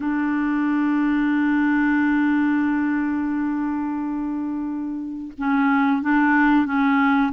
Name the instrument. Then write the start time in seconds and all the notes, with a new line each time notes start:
clarinet
0.00 D4
5.38 C#4
6.02 D4
6.65 C#4